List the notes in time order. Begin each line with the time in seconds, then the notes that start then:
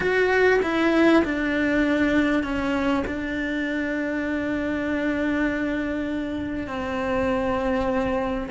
0.00 F#4
0.62 E4
1.24 D4
2.43 C#4
3.07 D4
6.67 C4